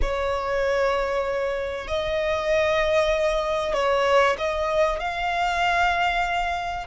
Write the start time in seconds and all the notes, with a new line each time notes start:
0.01 C#5
1.87 D#5
3.73 C#5
4.38 D#5
4.99 F5